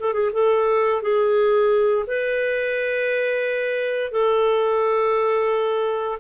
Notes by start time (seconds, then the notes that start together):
0.00 A4
0.13 G#4
0.33 A4
1.02 G#4
2.07 B4
4.12 A4